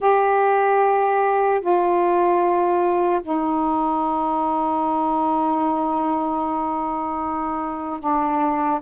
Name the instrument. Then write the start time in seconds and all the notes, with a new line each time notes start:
saxophone
0.00 G4
1.60 F4
3.22 D#4
8.00 D4